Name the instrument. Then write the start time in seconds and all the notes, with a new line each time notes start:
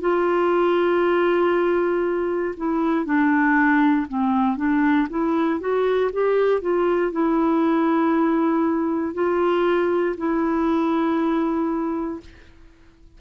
clarinet
0.00 F4
2.57 E4
3.05 D4
4.08 C4
4.57 D4
5.09 E4
5.60 F#4
6.12 G4
6.61 F4
7.12 E4
9.14 F4
10.17 E4